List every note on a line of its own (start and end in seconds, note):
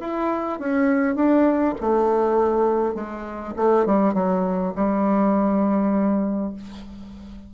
0.00 0.59 E4
0.59 1.15 C#4
1.15 1.75 D4
1.80 2.95 A3
2.95 3.54 G#3
3.56 3.86 A3
3.86 4.14 G3
4.14 4.73 F#3
4.75 6.53 G3